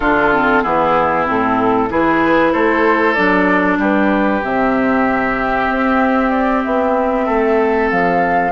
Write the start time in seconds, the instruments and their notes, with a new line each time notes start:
0.00 bassoon D3, clarinet D4, oboe F4, flute A4
0.33 clarinet C4
0.62 bassoon E3, clarinet B3, oboe E4, flute G#4
1.26 bassoon A2, clarinet C4, flute A4
1.89 bassoon E3, clarinet E4, oboe G#4, flute B4
2.52 bassoon A3, oboe A4, flute C5
3.14 bassoon F#3, clarinet D4, flute D5
3.78 bassoon G3, oboe G4, flute B4
4.43 bassoon C3, clarinet C4, flute E5
5.69 bassoon C4
6.30 flute D5
6.63 bassoon B3, flute E5
7.25 bassoon A3, oboe A4
7.90 bassoon F3, flute F5